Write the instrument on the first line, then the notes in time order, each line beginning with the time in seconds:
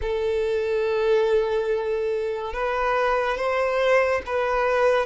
violin
0.01 A4
2.53 B4
3.36 C5
4.26 B4